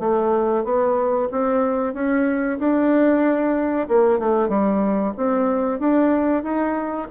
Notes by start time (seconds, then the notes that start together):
0.00 A3
0.65 B3
1.32 C4
1.94 C#4
2.59 D4
3.89 A#3
4.19 A3
4.49 G3
5.18 C4
5.80 D4
6.43 D#4